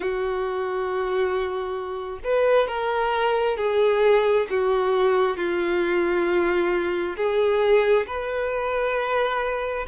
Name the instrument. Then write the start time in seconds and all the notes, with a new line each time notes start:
violin
0.00 F#4
2.23 B4
2.67 A#4
3.57 G#4
4.50 F#4
5.36 F4
7.16 G#4
8.06 B4